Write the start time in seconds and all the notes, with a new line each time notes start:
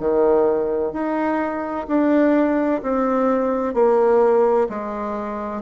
0.00 D#3
0.93 D#4
1.88 D4
2.83 C4
3.74 A#3
4.70 G#3